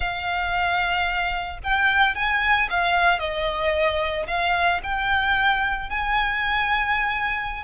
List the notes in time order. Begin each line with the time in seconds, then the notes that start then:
0.00 F5
1.63 G5
2.15 G#5
2.69 F5
3.19 D#5
4.27 F5
4.83 G5
5.89 G#5